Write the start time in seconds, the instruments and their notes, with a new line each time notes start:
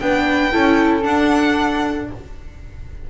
0.00 double bass B3, viola D4, flute B4, violin G5
0.52 double bass C#4, viola E4, flute A4
1.02 viola D4, double bass D4, violin F#5